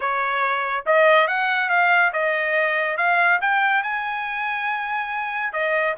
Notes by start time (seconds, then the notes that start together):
0.00 C#5
0.86 D#5
1.27 F#5
1.69 F5
2.13 D#5
2.97 F5
3.41 G5
3.83 G#5
5.52 D#5